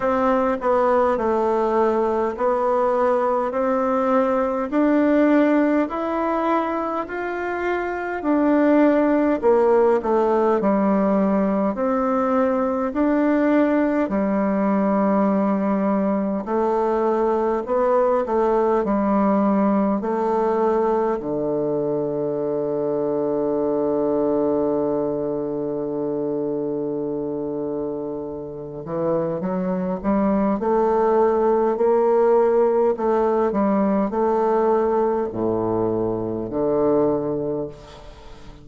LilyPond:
\new Staff \with { instrumentName = "bassoon" } { \time 4/4 \tempo 4 = 51 c'8 b8 a4 b4 c'4 | d'4 e'4 f'4 d'4 | ais8 a8 g4 c'4 d'4 | g2 a4 b8 a8 |
g4 a4 d2~ | d1~ | d8 e8 fis8 g8 a4 ais4 | a8 g8 a4 a,4 d4 | }